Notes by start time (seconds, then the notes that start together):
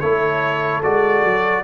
0.00 A3 E4 A4 C#5
0.83 G#3 F#4 D5
1.24 F#3